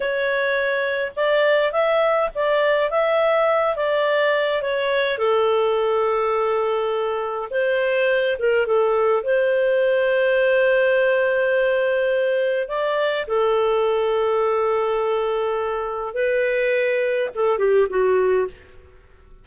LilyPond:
\new Staff \with { instrumentName = "clarinet" } { \time 4/4 \tempo 4 = 104 cis''2 d''4 e''4 | d''4 e''4. d''4. | cis''4 a'2.~ | a'4 c''4. ais'8 a'4 |
c''1~ | c''2 d''4 a'4~ | a'1 | b'2 a'8 g'8 fis'4 | }